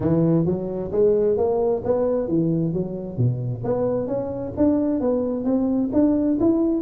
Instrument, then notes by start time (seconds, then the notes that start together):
tuba
0.00 E3
0.45 F#3
0.91 G#3
1.37 A#3
1.84 B3
2.27 E3
2.73 F#3
3.17 B2
3.64 B3
4.07 C#4
4.56 D4
5.00 B3
5.44 C4
5.92 D4
6.39 E4